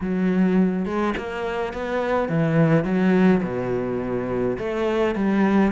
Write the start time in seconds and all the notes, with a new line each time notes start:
0.01 F#3
0.85 G#3
1.17 A#3
1.73 B3
2.28 E3
2.84 F#3
3.43 B2
4.58 A3
5.15 G3